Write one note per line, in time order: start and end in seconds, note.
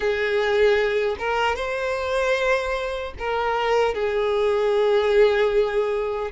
0.00 1.16 G#4
1.18 1.55 A#4
1.55 3.13 C5
3.18 3.94 A#4
3.94 6.31 G#4